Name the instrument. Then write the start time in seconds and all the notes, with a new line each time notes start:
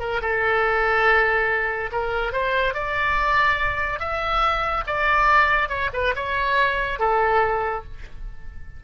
oboe
0.00 A#4
0.22 A4
1.92 A#4
2.33 C5
2.74 D5
4.00 E5
4.87 D5
5.69 C#5
5.93 B4
6.16 C#5
6.99 A4